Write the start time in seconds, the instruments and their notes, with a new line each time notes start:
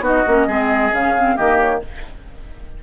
0.00 bassoon B3, clarinet D#4, oboe F#4, flute D#5
0.27 bassoon A#3, clarinet C#4
0.47 bassoon G#3, clarinet C4, oboe G#4
0.91 bassoon C#3, clarinet C#4, flute F5
1.16 clarinet C4
1.36 bassoon D#3, clarinet A#3, oboe G4, flute D#5
1.59 flute C#5